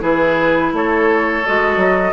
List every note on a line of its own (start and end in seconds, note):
0.00 0.73 E3
0.00 1.43 E4
0.00 0.72 G#4
0.00 0.74 B4
0.73 1.44 A3
0.73 2.13 A4
0.73 1.46 C#5
1.46 1.76 G#3
1.46 2.13 F#4
1.46 2.13 D#5
1.76 2.12 F#3